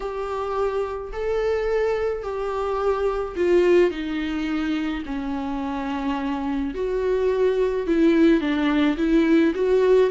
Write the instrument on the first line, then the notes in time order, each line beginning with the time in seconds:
viola
0.00 G4
1.12 A4
2.23 G4
3.36 F4
3.90 D#4
5.05 C#4
6.74 F#4
7.86 E4
8.40 D4
8.97 E4
9.55 F#4